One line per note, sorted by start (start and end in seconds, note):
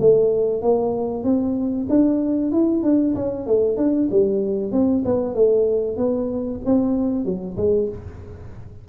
0.00 0.62 A3
0.62 1.24 A#3
1.24 1.87 C4
1.89 2.52 D4
2.52 2.83 E4
2.83 3.15 D4
3.15 3.47 C#4
3.47 3.77 A3
3.77 4.09 D4
4.11 4.72 G3
4.72 5.04 C4
5.05 5.35 B3
5.35 5.97 A3
5.97 6.60 B3
6.65 7.25 C4
7.25 7.57 F#3
7.57 7.89 G#3